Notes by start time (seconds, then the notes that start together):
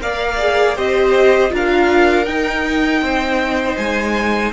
0.00 A#3 A#4 D5 F5
0.39 G#4
0.76 C4 G4 C5 D#5
1.50 D4 F4 A#4 F5
2.25 D#4 G5
3.01 C4 C5
3.77 G#3 G#5